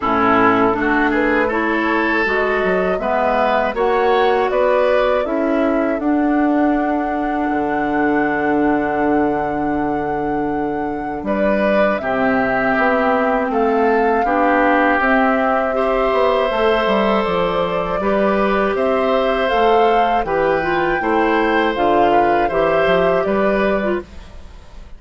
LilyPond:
<<
  \new Staff \with { instrumentName = "flute" } { \time 4/4 \tempo 4 = 80 a'4. b'8 cis''4 dis''4 | e''4 fis''4 d''4 e''4 | fis''1~ | fis''2. d''4 |
e''2 f''2 | e''2. d''4~ | d''4 e''4 f''4 g''4~ | g''4 f''4 e''4 d''4 | }
  \new Staff \with { instrumentName = "oboe" } { \time 4/4 e'4 fis'8 gis'8 a'2 | b'4 cis''4 b'4 a'4~ | a'1~ | a'2. b'4 |
g'2 a'4 g'4~ | g'4 c''2. | b'4 c''2 b'4 | c''4. b'8 c''4 b'4 | }
  \new Staff \with { instrumentName = "clarinet" } { \time 4/4 cis'4 d'4 e'4 fis'4 | b4 fis'2 e'4 | d'1~ | d'1 |
c'2. d'4 | c'4 g'4 a'2 | g'2 a'4 g'8 f'8 | e'4 f'4 g'4.~ g'16 f'16 | }
  \new Staff \with { instrumentName = "bassoon" } { \time 4/4 a,4 a2 gis8 fis8 | gis4 ais4 b4 cis'4 | d'2 d2~ | d2. g4 |
c4 b4 a4 b4 | c'4. b8 a8 g8 f4 | g4 c'4 a4 e4 | a4 d4 e8 f8 g4 | }
>>